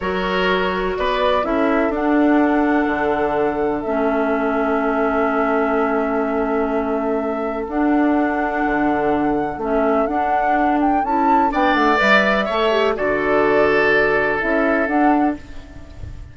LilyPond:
<<
  \new Staff \with { instrumentName = "flute" } { \time 4/4 \tempo 4 = 125 cis''2 d''4 e''4 | fis''1 | e''1~ | e''1 |
fis''1 | e''4 fis''4. g''8 a''4 | g''8 fis''8 e''2 d''4~ | d''2 e''4 fis''4 | }
  \new Staff \with { instrumentName = "oboe" } { \time 4/4 ais'2 b'4 a'4~ | a'1~ | a'1~ | a'1~ |
a'1~ | a'1 | d''2 cis''4 a'4~ | a'1 | }
  \new Staff \with { instrumentName = "clarinet" } { \time 4/4 fis'2. e'4 | d'1 | cis'1~ | cis'1 |
d'1 | cis'4 d'2 e'4 | d'4 b'4 a'8 g'8 fis'4~ | fis'2 e'4 d'4 | }
  \new Staff \with { instrumentName = "bassoon" } { \time 4/4 fis2 b4 cis'4 | d'2 d2 | a1~ | a1 |
d'2 d2 | a4 d'2 cis'4 | b8 a8 g4 a4 d4~ | d2 cis'4 d'4 | }
>>